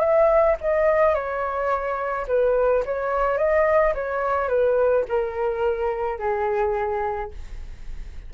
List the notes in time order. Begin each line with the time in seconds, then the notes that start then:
0.00 E5
0.61 D#5
1.14 C#5
2.28 B4
2.85 C#5
3.38 D#5
3.94 C#5
4.49 B4
5.08 A#4
6.19 G#4